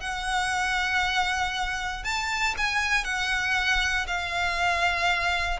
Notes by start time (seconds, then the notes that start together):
0.00 F#5
2.04 A5
2.57 G#5
3.04 F#5
4.07 F5